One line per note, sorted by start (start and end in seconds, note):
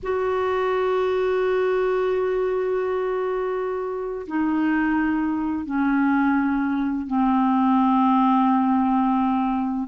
0.03 4.26 F#4
4.27 5.65 D#4
5.65 7.06 C#4
7.06 9.87 C4